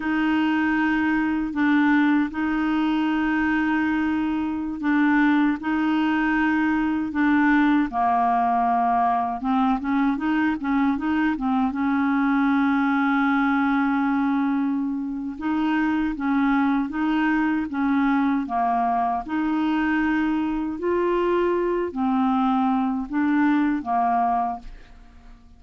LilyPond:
\new Staff \with { instrumentName = "clarinet" } { \time 4/4 \tempo 4 = 78 dis'2 d'4 dis'4~ | dis'2~ dis'16 d'4 dis'8.~ | dis'4~ dis'16 d'4 ais4.~ ais16~ | ais16 c'8 cis'8 dis'8 cis'8 dis'8 c'8 cis'8.~ |
cis'1 | dis'4 cis'4 dis'4 cis'4 | ais4 dis'2 f'4~ | f'8 c'4. d'4 ais4 | }